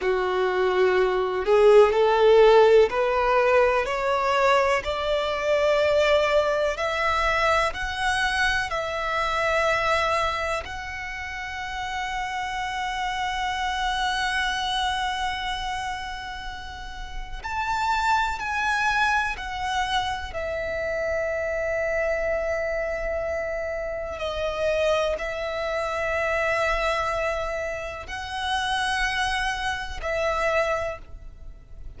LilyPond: \new Staff \with { instrumentName = "violin" } { \time 4/4 \tempo 4 = 62 fis'4. gis'8 a'4 b'4 | cis''4 d''2 e''4 | fis''4 e''2 fis''4~ | fis''1~ |
fis''2 a''4 gis''4 | fis''4 e''2.~ | e''4 dis''4 e''2~ | e''4 fis''2 e''4 | }